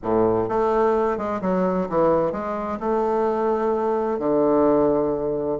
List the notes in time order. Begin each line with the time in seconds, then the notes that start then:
0.02 A2
0.48 A3
1.17 G#3
1.41 F#3
1.89 E3
2.32 G#3
2.79 A3
4.19 D3